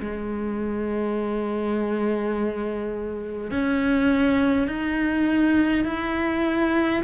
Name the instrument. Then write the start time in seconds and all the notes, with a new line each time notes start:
cello
0.00 G#3
3.51 C#4
4.68 D#4
5.85 E4